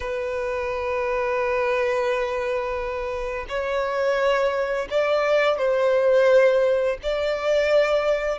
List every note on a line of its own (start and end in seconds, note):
0.00 3.45 B4
3.48 4.88 C#5
4.90 5.58 D5
5.58 6.97 C5
7.02 8.38 D5